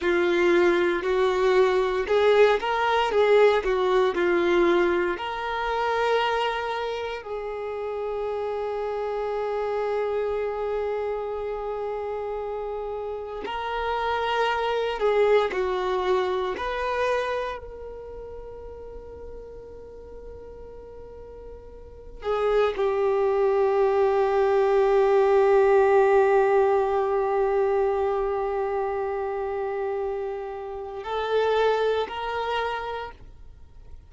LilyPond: \new Staff \with { instrumentName = "violin" } { \time 4/4 \tempo 4 = 58 f'4 fis'4 gis'8 ais'8 gis'8 fis'8 | f'4 ais'2 gis'4~ | gis'1~ | gis'4 ais'4. gis'8 fis'4 |
b'4 ais'2.~ | ais'4. gis'8 g'2~ | g'1~ | g'2 a'4 ais'4 | }